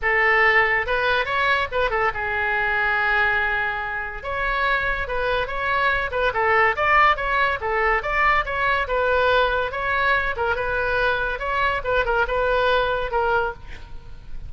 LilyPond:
\new Staff \with { instrumentName = "oboe" } { \time 4/4 \tempo 4 = 142 a'2 b'4 cis''4 | b'8 a'8 gis'2.~ | gis'2 cis''2 | b'4 cis''4. b'8 a'4 |
d''4 cis''4 a'4 d''4 | cis''4 b'2 cis''4~ | cis''8 ais'8 b'2 cis''4 | b'8 ais'8 b'2 ais'4 | }